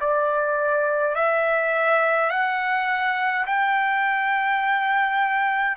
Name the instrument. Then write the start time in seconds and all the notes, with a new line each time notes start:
trumpet
0.00 D5
1.15 E5
2.30 F#5
3.46 G5